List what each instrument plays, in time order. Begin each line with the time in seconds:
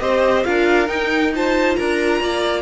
0.00 cello C4, viola G4, violin C5 D#5
0.44 cello D4, viola F4, violin A#4 F5
0.87 viola D#4, cello D#4, violin G5
1.34 viola F4, violin C5 A5
1.76 cello D4, violin A#4 A#5
2.21 cello A#3, violin D5